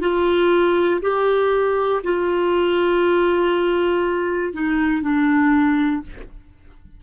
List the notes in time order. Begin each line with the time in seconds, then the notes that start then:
0.00 F4
1.01 G4
2.04 F4
4.53 D#4
5.02 D4